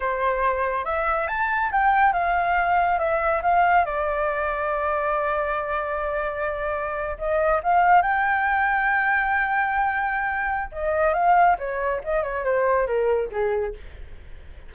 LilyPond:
\new Staff \with { instrumentName = "flute" } { \time 4/4 \tempo 4 = 140 c''2 e''4 a''4 | g''4 f''2 e''4 | f''4 d''2.~ | d''1~ |
d''8. dis''4 f''4 g''4~ g''16~ | g''1~ | g''4 dis''4 f''4 cis''4 | dis''8 cis''8 c''4 ais'4 gis'4 | }